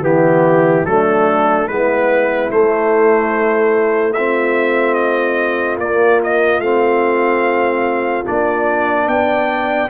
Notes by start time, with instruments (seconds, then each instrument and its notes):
0.00 tuba E3, trombone B3, horn E4, trumpet G4
0.84 tuba F#3, trombone A3, horn D4, trumpet A4
1.67 tuba G#3, trombone B3, horn E4, trumpet B4
2.50 trombone A3, tuba A3, trumpet C5
4.13 trombone C4, horn F4, trumpet E5
4.94 trumpet D#5
5.77 tuba A#3, trombone A#3, trumpet D5
6.23 trumpet D#5
6.59 tuba A3, trombone C4, trumpet F5
8.24 tuba A#3, trombone D4, trumpet D5
9.07 tuba B3, horn D5, trumpet G5